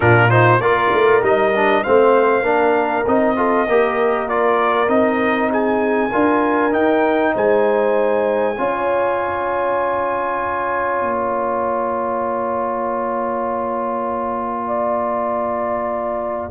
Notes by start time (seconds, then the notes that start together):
0.00 A#2 D4 F4 A#4
0.30 D#4 C5
0.60 A#3 F4 A#4 D5
0.93 A3
1.22 G3 D#4 D#5
1.55 D4
1.83 A3 C4 C5 F5
2.41 A#3 D4 A#4
3.06 C4 D#4 D#5
3.36 F4 A4
3.67 A#3 G4 A#4
4.28 F4 D5
4.87 C4 D#4 D#5
5.51 G#4 G#5
6.09 D4 F4 A#4
6.71 D#4 G5
7.34 G#3 C5 G#5
8.58 C#4 F4 C#5
11.02 A#3
11.16 A#5
14.67 D5